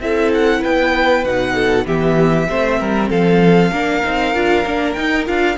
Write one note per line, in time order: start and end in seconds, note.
0.00 0.62 C4
0.00 1.25 E4
0.00 0.60 A4
0.00 0.31 E5
0.33 0.63 F#5
0.60 1.24 B3
0.60 1.53 B4
0.60 1.24 G5
1.24 1.86 B2
1.24 1.85 D#4
1.24 1.86 F#5
1.54 1.85 A4
1.85 2.47 E3
1.85 2.47 B3
1.85 2.48 G4
1.85 3.10 E5
2.49 2.80 A3
2.49 3.72 C4
2.49 2.79 C5
2.79 3.10 G3
2.79 3.09 A#4
3.09 3.71 F3
3.09 3.71 A4
3.09 4.93 F5
3.71 4.02 A#3
3.71 4.03 D4
3.71 5.57 A#4
4.04 4.34 C4
4.04 4.34 D#4
4.34 4.65 D4
4.34 4.65 F4
4.65 4.95 A#3
4.65 4.96 D4
4.93 5.25 D#4
4.93 5.28 D#4
4.93 5.24 G5
5.25 5.57 D4
5.25 5.56 F4
5.25 5.57 F5